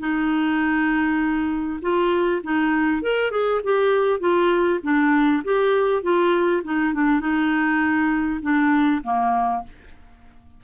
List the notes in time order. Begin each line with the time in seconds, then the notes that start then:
0.00 D#4
1.82 F4
2.44 D#4
3.02 A#4
3.31 G#4
3.64 G4
4.20 F4
4.83 D4
5.45 G4
6.03 F4
6.64 D#4
6.94 D4
7.20 D#4
8.42 D4
9.04 A#3